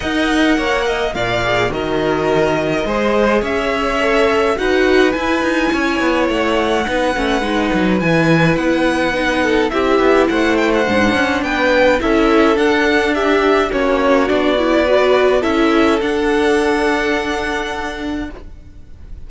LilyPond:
<<
  \new Staff \with { instrumentName = "violin" } { \time 4/4 \tempo 4 = 105 fis''2 f''4 dis''4~ | dis''2 e''2 | fis''4 gis''2 fis''4~ | fis''2 gis''4 fis''4~ |
fis''4 e''4 fis''8 g''16 fis''4~ fis''16 | g''4 e''4 fis''4 e''4 | cis''4 d''2 e''4 | fis''1 | }
  \new Staff \with { instrumentName = "violin" } { \time 4/4 dis''4 cis''8 dis''8 d''4 ais'4~ | ais'4 c''4 cis''2 | b'2 cis''2 | b'1~ |
b'8 a'8 g'4 c''2 | b'4 a'2 g'4 | fis'2 b'4 a'4~ | a'1 | }
  \new Staff \with { instrumentName = "viola" } { \time 4/4 ais'2~ ais'8 gis'8 fis'4~ | fis'4 gis'2 a'4 | fis'4 e'2. | dis'8 cis'8 dis'4 e'2 |
dis'4 e'2 d'4~ | d'4 e'4 d'2 | cis'4 d'8 e'8 fis'4 e'4 | d'1 | }
  \new Staff \with { instrumentName = "cello" } { \time 4/4 dis'4 ais4 ais,4 dis4~ | dis4 gis4 cis'2 | dis'4 e'8 dis'8 cis'8 b8 a4 | b8 a8 gis8 fis8 e4 b4~ |
b4 c'8 b8 a4 gis,8 cis'8 | b4 cis'4 d'2 | ais4 b2 cis'4 | d'1 | }
>>